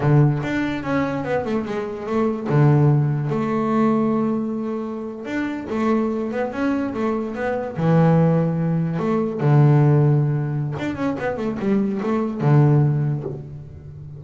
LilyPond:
\new Staff \with { instrumentName = "double bass" } { \time 4/4 \tempo 4 = 145 d4 d'4 cis'4 b8 a8 | gis4 a4 d2 | a1~ | a8. d'4 a4. b8 cis'16~ |
cis'8. a4 b4 e4~ e16~ | e4.~ e16 a4 d4~ d16~ | d2 d'8 cis'8 b8 a8 | g4 a4 d2 | }